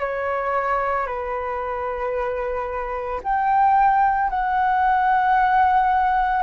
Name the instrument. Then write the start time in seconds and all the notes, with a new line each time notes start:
flute
0.00 C#5
1.06 B4
3.23 G5
4.30 F#5